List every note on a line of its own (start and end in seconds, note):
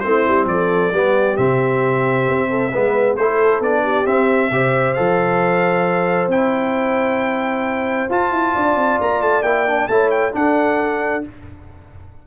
0.00 0.26 A3
0.00 0.93 C4
0.00 0.50 E4
0.00 0.45 C5
0.28 0.46 G3
0.46 0.91 F3
0.46 0.95 A4
0.46 1.37 D5
0.93 1.38 G3
0.93 1.37 B3
0.93 2.50 G4
1.37 2.28 C3
1.37 2.72 C4
1.37 3.16 E5
2.28 2.73 C4
2.50 2.72 A4
2.73 3.17 G#3
2.73 3.18 B3
2.73 3.18 B4
3.17 3.60 A3
3.17 3.63 E4
3.17 3.83 A4
3.17 3.61 C5
3.60 4.05 B3
3.60 4.06 D4
3.60 4.06 D5
3.83 4.50 G4
4.06 4.50 C4
4.06 4.51 C4
4.06 4.94 E5
4.51 4.95 C3
4.51 4.96 G4
4.51 8.54 C5
4.94 6.28 F3
4.94 6.30 A4
4.94 6.28 F5
6.28 8.07 C4
6.28 8.10 E4
6.28 8.10 G5
8.10 9.44 F4
8.10 8.31 F4
8.10 9.01 A5
8.31 8.54 E4
8.54 8.75 D4
8.54 9.88 D5
8.75 8.98 C4
9.01 9.21 A#3
9.01 9.22 A#5
9.21 9.43 A3
9.21 9.43 A5
9.43 9.87 A#3
9.43 9.67 E4
9.43 9.88 G5
9.67 9.89 D4
9.88 10.33 A3
9.88 10.32 E4
9.88 10.36 C#5
9.88 10.10 A5
10.11 10.33 G5
10.32 11.22 D4
10.32 11.24 D4
10.32 11.27 A4
10.32 11.25 F#5